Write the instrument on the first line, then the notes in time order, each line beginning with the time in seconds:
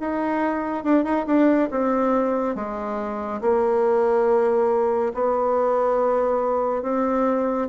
bassoon
0.00 D#4
0.84 D4
1.04 D#4
1.27 D4
1.71 C4
2.55 G#3
3.41 A#3
5.14 B3
6.82 C4